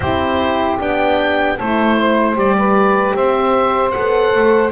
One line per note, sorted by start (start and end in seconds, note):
0.00 0.79 C4
0.00 0.79 E4
0.00 1.56 G4
0.00 0.78 C5
0.79 1.59 B3
0.79 1.58 D4
0.79 1.58 G5
1.56 2.35 A3
1.56 2.35 E4
1.56 1.95 A4
1.56 2.37 C5
1.97 2.56 C5
2.35 3.14 G3
2.35 3.93 G4
2.35 3.15 D5
2.58 3.15 B4
3.14 3.93 C4
3.14 4.71 C5
3.14 3.90 E5
3.90 4.34 B3
3.90 4.71 A4
3.90 4.69 F#5
4.34 4.71 A3